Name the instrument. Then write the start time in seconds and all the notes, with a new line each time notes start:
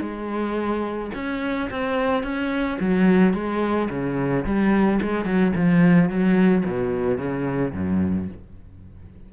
cello
0.00 G#3
1.14 C#4
1.70 C4
2.23 C#4
2.79 F#3
3.33 G#3
3.89 C#3
4.45 G3
5.01 G#3
5.25 F#3
5.55 F3
6.09 F#3
6.65 B2
7.18 C#3
7.73 F#2